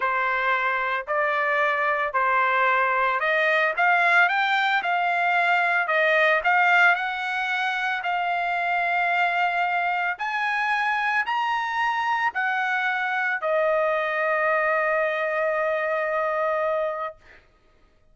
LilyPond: \new Staff \with { instrumentName = "trumpet" } { \time 4/4 \tempo 4 = 112 c''2 d''2 | c''2 dis''4 f''4 | g''4 f''2 dis''4 | f''4 fis''2 f''4~ |
f''2. gis''4~ | gis''4 ais''2 fis''4~ | fis''4 dis''2.~ | dis''1 | }